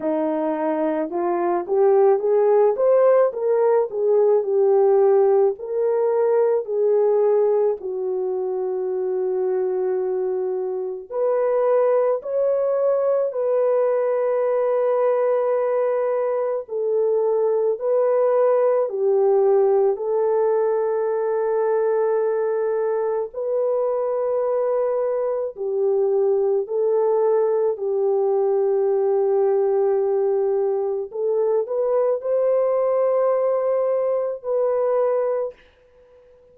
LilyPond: \new Staff \with { instrumentName = "horn" } { \time 4/4 \tempo 4 = 54 dis'4 f'8 g'8 gis'8 c''8 ais'8 gis'8 | g'4 ais'4 gis'4 fis'4~ | fis'2 b'4 cis''4 | b'2. a'4 |
b'4 g'4 a'2~ | a'4 b'2 g'4 | a'4 g'2. | a'8 b'8 c''2 b'4 | }